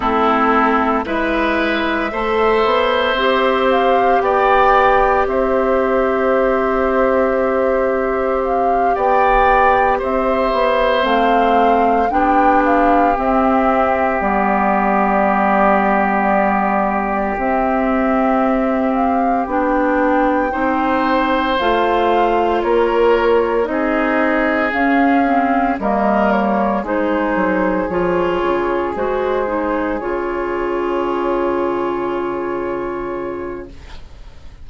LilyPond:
<<
  \new Staff \with { instrumentName = "flute" } { \time 4/4 \tempo 4 = 57 a'4 e''2~ e''8 f''8 | g''4 e''2. | f''8 g''4 e''4 f''4 g''8 | f''8 e''4 d''2~ d''8~ |
d''8 e''4. f''8 g''4.~ | g''8 f''4 cis''4 dis''4 f''8~ | f''8 dis''8 cis''8 c''4 cis''4 c''8~ | c''8 cis''2.~ cis''8 | }
  \new Staff \with { instrumentName = "oboe" } { \time 4/4 e'4 b'4 c''2 | d''4 c''2.~ | c''8 d''4 c''2 g'8~ | g'1~ |
g'2.~ g'8 c''8~ | c''4. ais'4 gis'4.~ | gis'8 ais'4 gis'2~ gis'8~ | gis'1 | }
  \new Staff \with { instrumentName = "clarinet" } { \time 4/4 c'4 e'4 a'4 g'4~ | g'1~ | g'2~ g'8 c'4 d'8~ | d'8 c'4 b2~ b8~ |
b8 c'2 d'4 dis'8~ | dis'8 f'2 dis'4 cis'8 | c'8 ais4 dis'4 f'4 fis'8 | dis'8 f'2.~ f'8 | }
  \new Staff \with { instrumentName = "bassoon" } { \time 4/4 a4 gis4 a8 b8 c'4 | b4 c'2.~ | c'8 b4 c'8 b8 a4 b8~ | b8 c'4 g2~ g8~ |
g8 c'2 b4 c'8~ | c'8 a4 ais4 c'4 cis'8~ | cis'8 g4 gis8 fis8 f8 cis8 gis8~ | gis8 cis2.~ cis8 | }
>>